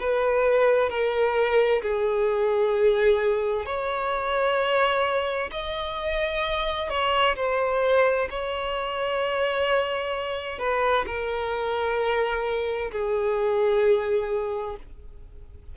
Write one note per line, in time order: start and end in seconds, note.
0.00 0.90 B4
0.90 1.82 A#4
1.82 3.66 G#4
3.66 5.50 C#5
5.51 6.90 D#5
6.90 7.36 C#5
7.36 8.28 C5
8.30 10.59 C#5
10.59 11.05 B4
11.07 12.91 A#4
12.92 14.77 G#4